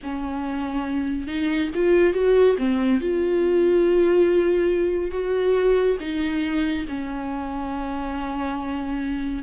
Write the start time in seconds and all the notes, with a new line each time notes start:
0.02 C#4
1.27 D#4
1.74 F4
2.13 F#4
2.58 C4
3.00 F4
5.11 F#4
6.00 D#4
6.88 C#4